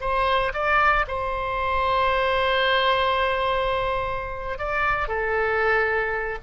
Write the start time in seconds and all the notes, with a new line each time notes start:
0.00 C5
0.53 D5
1.07 C5
4.58 D5
5.08 A4